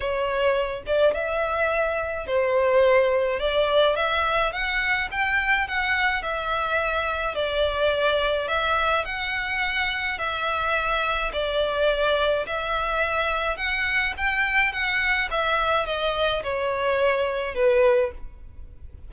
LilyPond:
\new Staff \with { instrumentName = "violin" } { \time 4/4 \tempo 4 = 106 cis''4. d''8 e''2 | c''2 d''4 e''4 | fis''4 g''4 fis''4 e''4~ | e''4 d''2 e''4 |
fis''2 e''2 | d''2 e''2 | fis''4 g''4 fis''4 e''4 | dis''4 cis''2 b'4 | }